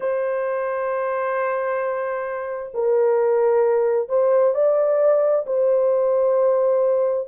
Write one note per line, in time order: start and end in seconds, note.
0.00 2.71 C5
2.74 4.09 A#4
4.09 4.54 C5
4.54 5.45 D5
5.46 7.28 C5